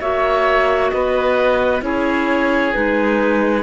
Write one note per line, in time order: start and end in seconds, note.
0.00 0.91 A#3
0.00 1.81 F#4
0.00 0.91 C#5
0.00 0.90 E5
0.90 1.82 B3
0.90 1.84 B4
0.90 1.81 D#5
1.81 2.73 C#4
1.81 2.72 E4
1.81 3.63 G#4
1.81 2.73 C#5
2.73 3.63 G#3
2.73 3.63 D#4
2.73 3.63 B4